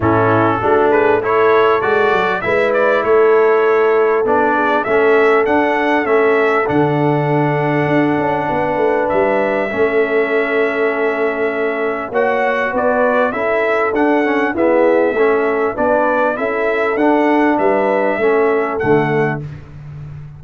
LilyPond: <<
  \new Staff \with { instrumentName = "trumpet" } { \time 4/4 \tempo 4 = 99 a'4. b'8 cis''4 d''4 | e''8 d''8 cis''2 d''4 | e''4 fis''4 e''4 fis''4~ | fis''2. e''4~ |
e''1 | fis''4 d''4 e''4 fis''4 | e''2 d''4 e''4 | fis''4 e''2 fis''4 | }
  \new Staff \with { instrumentName = "horn" } { \time 4/4 e'4 fis'8 gis'8 a'2 | b'4 a'2~ a'8 gis'8 | a'1~ | a'2 b'2 |
a'1 | cis''4 b'4 a'2 | gis'4 a'4 b'4 a'4~ | a'4 b'4 a'2 | }
  \new Staff \with { instrumentName = "trombone" } { \time 4/4 cis'4 d'4 e'4 fis'4 | e'2. d'4 | cis'4 d'4 cis'4 d'4~ | d'1 |
cis'1 | fis'2 e'4 d'8 cis'8 | b4 cis'4 d'4 e'4 | d'2 cis'4 a4 | }
  \new Staff \with { instrumentName = "tuba" } { \time 4/4 a,4 a2 gis8 fis8 | gis4 a2 b4 | a4 d'4 a4 d4~ | d4 d'8 cis'8 b8 a8 g4 |
a1 | ais4 b4 cis'4 d'4 | e'4 a4 b4 cis'4 | d'4 g4 a4 d4 | }
>>